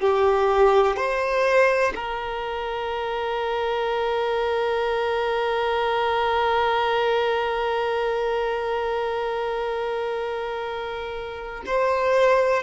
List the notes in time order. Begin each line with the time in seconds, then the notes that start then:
0.00 G4
0.96 C5
1.95 A#4
11.66 C5